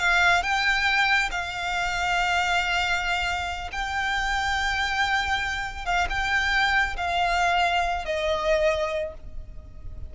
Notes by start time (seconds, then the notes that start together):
0.00 F5
0.43 G5
1.32 F5
3.73 G5
5.86 F5
6.10 G5
6.97 F5
8.06 D#5